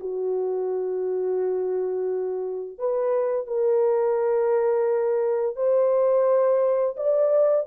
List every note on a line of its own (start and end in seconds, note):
0.00 2.78 F#4
2.78 3.47 B4
3.47 5.56 A#4
5.56 6.95 C5
6.96 7.66 D5